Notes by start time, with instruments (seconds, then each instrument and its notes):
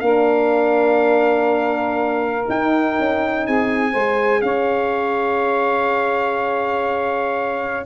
0.00 tuba A#3, horn D4, saxophone A#4, trumpet F5
2.45 horn D#4, tuba D#4, trumpet G5
2.98 tuba C#4
3.46 tuba C4, saxophone G#4, trumpet G#5
3.91 tuba G#3, horn G#4, saxophone C5
4.41 tuba C#4, saxophone C#5, trumpet F5